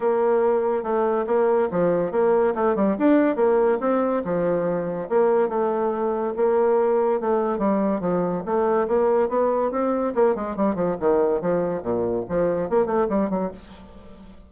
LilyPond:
\new Staff \with { instrumentName = "bassoon" } { \time 4/4 \tempo 4 = 142 ais2 a4 ais4 | f4 ais4 a8 g8 d'4 | ais4 c'4 f2 | ais4 a2 ais4~ |
ais4 a4 g4 f4 | a4 ais4 b4 c'4 | ais8 gis8 g8 f8 dis4 f4 | ais,4 f4 ais8 a8 g8 fis8 | }